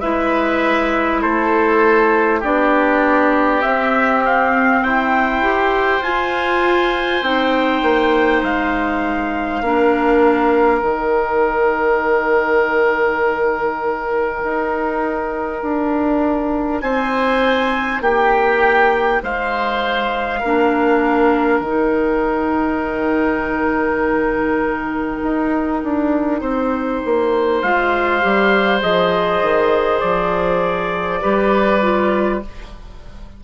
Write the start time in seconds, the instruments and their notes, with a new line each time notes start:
0.00 bassoon G#3, clarinet E4, oboe B4, trumpet E5
1.21 bassoon A3, oboe A4, trumpet C5
2.39 bassoon B3, clarinet D4, oboe G4, trumpet D5
3.61 clarinet C4, bassoon C4, trumpet E5
4.25 trumpet F5
4.82 bassoon E4, oboe C5, trumpet G5
5.42 clarinet G4
5.99 bassoon F4, clarinet F4, trumpet G#5
7.21 bassoon C4, clarinet D#4, trumpet G5
7.82 bassoon A#3
8.42 bassoon G#3, trumpet F5
9.61 bassoon A#3, clarinet D4, oboe A#4
10.81 bassoon D#3, clarinet D#4, trumpet G5
14.43 bassoon D#4
15.62 bassoon D4
16.80 bassoon C4, oboe C5, trumpet G#5
18.00 bassoon A#3, oboe G4, trumpet G5
19.22 bassoon G#3, oboe C5, trumpet F5
20.39 bassoon A#3, clarinet D4, oboe A#4
21.60 bassoon D#3, clarinet D#4, trumpet G5
25.22 bassoon D#4
25.83 bassoon D4
26.40 bassoon C4, oboe C5
27.05 bassoon A#3
27.62 bassoon G#3, clarinet F4, trumpet F5
28.21 bassoon G3, clarinet G4
28.81 bassoon F3, clarinet G#4, trumpet D#5
29.42 bassoon D#3
30.00 bassoon F3, trumpet D5
31.21 bassoon G3, clarinet G4, oboe B4
31.81 clarinet F4